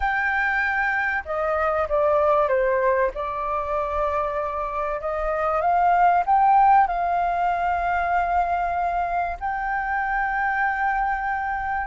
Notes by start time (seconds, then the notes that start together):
0.00 G5
1.25 D#5
1.88 D5
2.48 C5
3.14 D5
5.00 D#5
5.61 F5
6.26 G5
6.87 F5
9.39 G5